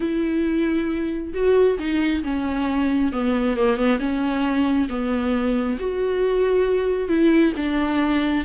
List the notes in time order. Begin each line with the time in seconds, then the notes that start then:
0.00 E4
1.33 F#4
1.78 D#4
2.23 C#4
3.12 B3
3.57 A#3
3.76 B3
3.99 C#4
4.89 B3
5.79 F#4
7.08 E4
7.56 D4